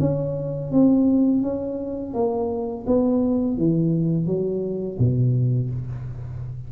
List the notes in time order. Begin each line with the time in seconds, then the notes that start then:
0.00 C#4
0.71 C4
1.42 C#4
2.14 A#3
2.87 B3
3.57 E3
4.26 F#3
4.98 B2